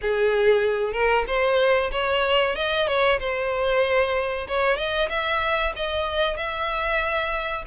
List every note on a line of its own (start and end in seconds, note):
0.01 0.93 G#4
0.93 1.24 A#4
1.27 1.91 C5
1.91 2.55 C#5
2.55 2.87 D#5
2.87 3.19 C#5
3.19 4.47 C5
4.47 4.76 C#5
4.76 5.08 D#5
5.09 5.73 E5
5.76 6.37 D#5
6.37 7.64 E5